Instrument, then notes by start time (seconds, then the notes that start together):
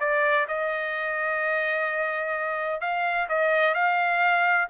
trumpet
0.00 D5
0.48 D#5
2.81 F5
3.29 D#5
3.74 F5